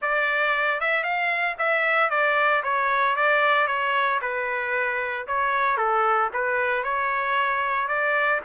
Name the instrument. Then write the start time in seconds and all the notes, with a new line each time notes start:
trumpet
0.01 D5
0.80 E5
1.03 F5
1.58 E5
2.10 D5
2.63 C#5
3.16 D5
3.67 C#5
4.21 B4
5.27 C#5
5.77 A4
6.33 B4
6.83 C#5
7.88 D5